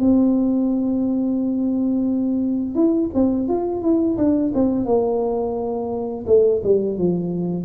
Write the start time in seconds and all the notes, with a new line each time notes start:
0.00 C4
2.75 E4
3.14 C4
3.49 F4
3.82 E4
4.18 D4
4.55 C4
4.86 A#3
6.27 A3
6.64 G3
6.99 F3